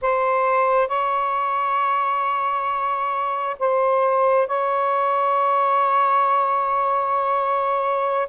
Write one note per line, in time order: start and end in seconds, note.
0.01 0.88 C5
0.88 3.56 C#5
3.59 4.47 C5
4.47 8.27 C#5